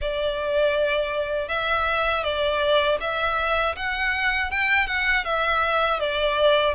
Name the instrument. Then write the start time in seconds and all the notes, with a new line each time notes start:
violin
0.01 D5
1.48 E5
2.23 D5
3.00 E5
3.76 F#5
4.50 G5
4.86 F#5
5.24 E5
5.99 D5